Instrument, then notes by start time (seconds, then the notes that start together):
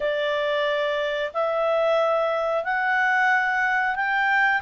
clarinet
0.00 D5
1.33 E5
2.63 F#5
3.95 G5